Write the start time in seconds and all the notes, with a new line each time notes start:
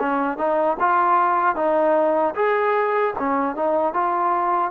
0.00 C#4
0.38 D#4
0.80 F4
1.56 D#4
2.35 G#4
3.19 C#4
3.56 D#4
3.94 F4